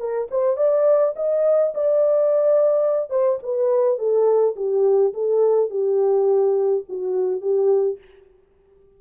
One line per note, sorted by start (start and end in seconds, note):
0.00 0.29 A#4
0.31 0.57 C5
0.57 1.15 D5
1.16 1.74 D#5
1.75 3.11 D5
3.11 3.39 C5
3.43 3.99 B4
3.99 4.56 A4
4.56 5.14 G4
5.14 5.70 A4
5.70 6.85 G4
6.89 7.42 F#4
7.42 7.99 G4